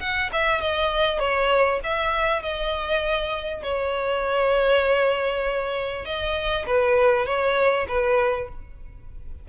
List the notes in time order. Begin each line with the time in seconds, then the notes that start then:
0.00 F#5
0.33 E5
0.61 D#5
1.20 C#5
1.84 E5
2.42 D#5
3.63 C#5
6.05 D#5
6.67 B4
7.26 C#5
7.88 B4